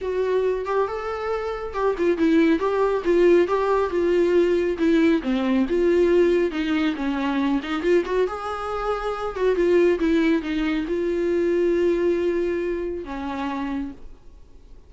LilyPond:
\new Staff \with { instrumentName = "viola" } { \time 4/4 \tempo 4 = 138 fis'4. g'8 a'2 | g'8 f'8 e'4 g'4 f'4 | g'4 f'2 e'4 | c'4 f'2 dis'4 |
cis'4. dis'8 f'8 fis'8 gis'4~ | gis'4. fis'8 f'4 e'4 | dis'4 f'2.~ | f'2 cis'2 | }